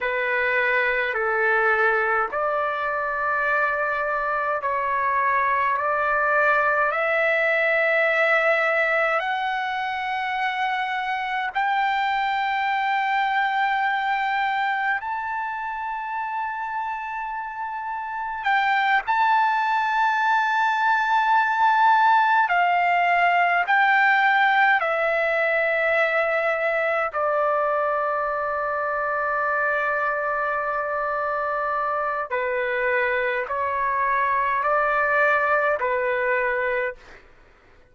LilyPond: \new Staff \with { instrumentName = "trumpet" } { \time 4/4 \tempo 4 = 52 b'4 a'4 d''2 | cis''4 d''4 e''2 | fis''2 g''2~ | g''4 a''2. |
g''8 a''2. f''8~ | f''8 g''4 e''2 d''8~ | d''1 | b'4 cis''4 d''4 b'4 | }